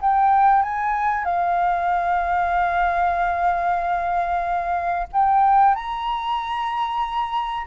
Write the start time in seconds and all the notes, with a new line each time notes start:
0.00 G5
0.62 G#5
1.24 F5
5.12 G5
5.74 A#5